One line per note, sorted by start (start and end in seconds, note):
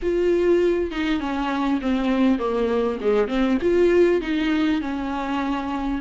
0.02 0.91 F4
0.91 1.20 D#4
1.20 1.80 C#4
1.81 2.38 C4
2.38 2.98 A#3
3.00 3.28 G#3
3.28 3.58 C4
3.61 4.21 F4
4.21 4.81 D#4
4.81 6.01 C#4